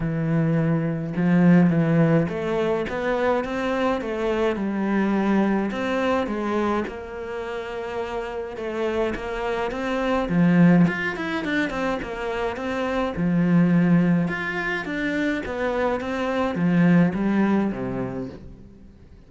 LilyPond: \new Staff \with { instrumentName = "cello" } { \time 4/4 \tempo 4 = 105 e2 f4 e4 | a4 b4 c'4 a4 | g2 c'4 gis4 | ais2. a4 |
ais4 c'4 f4 f'8 e'8 | d'8 c'8 ais4 c'4 f4~ | f4 f'4 d'4 b4 | c'4 f4 g4 c4 | }